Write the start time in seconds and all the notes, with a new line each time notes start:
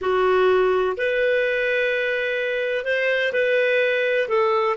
0.01 F#4
0.97 B4
2.84 C5
3.32 B4
4.28 A4